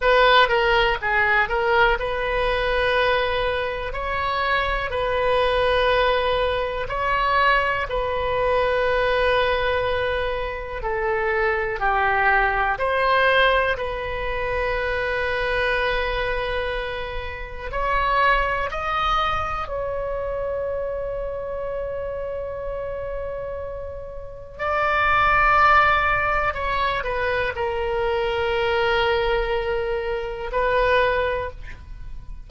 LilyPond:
\new Staff \with { instrumentName = "oboe" } { \time 4/4 \tempo 4 = 61 b'8 ais'8 gis'8 ais'8 b'2 | cis''4 b'2 cis''4 | b'2. a'4 | g'4 c''4 b'2~ |
b'2 cis''4 dis''4 | cis''1~ | cis''4 d''2 cis''8 b'8 | ais'2. b'4 | }